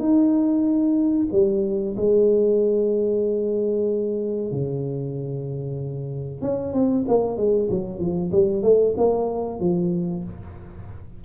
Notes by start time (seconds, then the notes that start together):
0.00 D#4
1.32 G3
1.97 G#3
4.52 C#3
6.42 C#4
6.73 C4
7.09 A#3
7.38 G#3
7.71 F#3
7.99 F3
8.32 G3
8.63 A3
8.97 A#3
9.60 F3